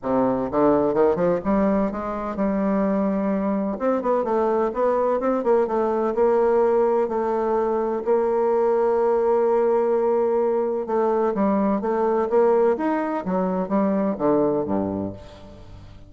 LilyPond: \new Staff \with { instrumentName = "bassoon" } { \time 4/4 \tempo 4 = 127 c4 d4 dis8 f8 g4 | gis4 g2. | c'8 b8 a4 b4 c'8 ais8 | a4 ais2 a4~ |
a4 ais2.~ | ais2. a4 | g4 a4 ais4 dis'4 | fis4 g4 d4 g,4 | }